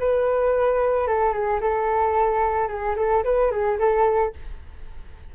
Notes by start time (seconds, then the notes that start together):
0.00 B4
1.08 A4
1.33 G#4
1.61 A4
2.68 G#4
2.97 A4
3.25 B4
3.51 G#4
3.79 A4